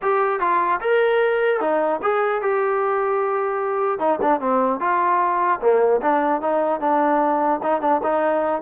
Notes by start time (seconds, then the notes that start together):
0.01 G4
0.39 F4
0.81 A#4
1.60 D#4
2.02 G#4
2.41 G4
3.99 D#4
4.21 D4
4.40 C4
4.80 F4
5.60 A#3
6.01 D4
6.41 D#4
6.80 D4
7.63 D#4
7.81 D4
8.03 D#4